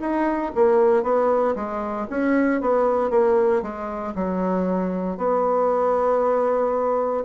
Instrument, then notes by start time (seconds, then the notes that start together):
bassoon
0.00 D#4
0.55 A#3
1.03 B3
1.55 G#3
2.10 C#4
2.61 B3
3.10 A#3
3.62 G#3
4.15 F#3
5.17 B3